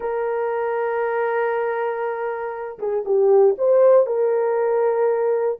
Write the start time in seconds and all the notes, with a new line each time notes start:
0.00 A#4
2.79 G#4
3.05 G4
3.58 C5
4.06 A#4